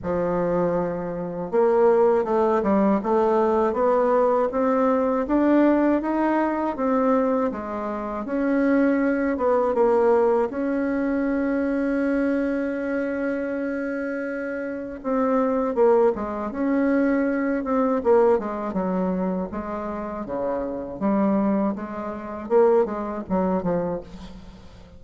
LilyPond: \new Staff \with { instrumentName = "bassoon" } { \time 4/4 \tempo 4 = 80 f2 ais4 a8 g8 | a4 b4 c'4 d'4 | dis'4 c'4 gis4 cis'4~ | cis'8 b8 ais4 cis'2~ |
cis'1 | c'4 ais8 gis8 cis'4. c'8 | ais8 gis8 fis4 gis4 cis4 | g4 gis4 ais8 gis8 fis8 f8 | }